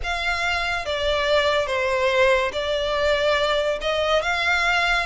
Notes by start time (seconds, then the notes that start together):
0.03 F5
0.85 D5
1.67 C5
2.52 D5
3.81 D#5
4.22 F5